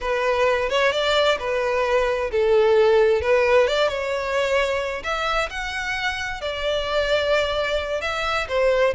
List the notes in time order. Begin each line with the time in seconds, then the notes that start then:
0.01 B4
0.69 C#5
0.92 D5
1.39 B4
2.31 A4
3.21 B4
3.67 D5
3.88 C#5
5.03 E5
5.49 F#5
6.41 D5
8.01 E5
8.48 C5